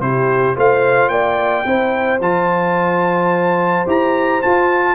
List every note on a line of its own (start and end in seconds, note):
0.00 0.55 C3
0.00 0.56 E4
0.00 0.57 G4
0.00 0.56 C5
0.56 1.09 A3
0.56 1.66 F4
0.56 1.11 C5
0.56 1.09 F5
1.09 1.64 A#3
1.09 1.66 D5
1.09 2.19 G5
1.65 2.20 C4
1.65 2.21 E4
1.65 4.95 C5
2.20 3.85 F3
2.20 3.87 F4
2.20 3.87 A5
3.87 4.42 E4
3.87 4.42 G4
3.87 4.42 A#5
4.42 4.95 F4
4.42 4.95 A5